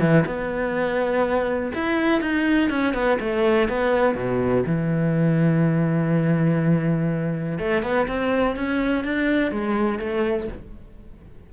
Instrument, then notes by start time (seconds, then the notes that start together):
cello
0.00 E3
0.26 B3
1.74 E4
2.21 D#4
2.70 C#4
2.94 B3
3.20 A3
3.69 B3
4.15 B2
4.66 E3
7.59 A3
7.83 B3
8.08 C4
8.56 C#4
9.04 D4
9.51 G#3
9.99 A3